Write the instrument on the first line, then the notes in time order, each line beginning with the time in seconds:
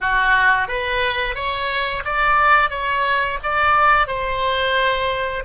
oboe
0.01 F#4
0.68 B4
1.35 C#5
2.05 D5
2.70 C#5
3.43 D5
4.07 C5